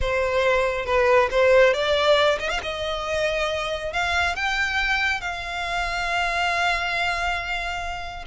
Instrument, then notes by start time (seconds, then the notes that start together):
violin
0.01 C5
0.85 B4
1.30 C5
1.73 D5
2.39 D#5
2.49 F5
2.62 D#5
3.92 F5
4.35 G5
5.20 F5